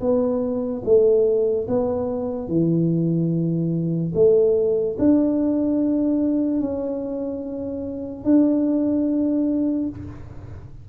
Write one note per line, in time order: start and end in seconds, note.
0.00 0.82 B3
0.85 1.67 A3
1.68 2.48 B3
2.48 4.12 E3
4.15 4.97 A3
4.99 6.61 D4
6.61 8.24 C#4
8.24 9.89 D4